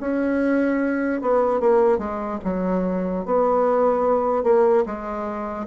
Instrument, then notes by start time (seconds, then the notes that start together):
bassoon
0.00 C#4
1.21 B3
1.60 A#3
1.98 G#3
2.44 F#3
3.25 B3
4.43 A#3
4.86 G#3